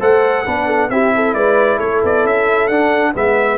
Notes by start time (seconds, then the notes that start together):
0.00 A3 A4 C5 F#5
0.45 B3 D4 B4
0.67 A4
0.90 C4 E4 G4 E5
1.15 A4
1.34 G#3 B4 D5
1.77 A3 A4 C#5
2.03 B3 D5
2.24 C#4 E5
2.68 D4 F#5
3.14 G#3 B3 B4 E5